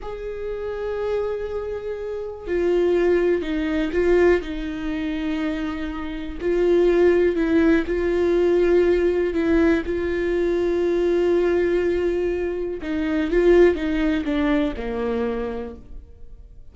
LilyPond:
\new Staff \with { instrumentName = "viola" } { \time 4/4 \tempo 4 = 122 gis'1~ | gis'4 f'2 dis'4 | f'4 dis'2.~ | dis'4 f'2 e'4 |
f'2. e'4 | f'1~ | f'2 dis'4 f'4 | dis'4 d'4 ais2 | }